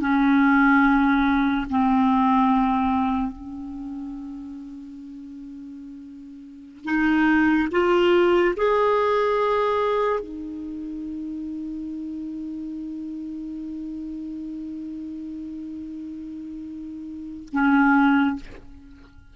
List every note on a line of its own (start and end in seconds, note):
0.00 1.67 C#4
1.69 3.31 C4
3.31 6.84 C#4
6.84 7.68 D#4
7.71 8.55 F4
8.56 10.19 G#4
10.19 17.48 D#4
17.52 18.36 C#4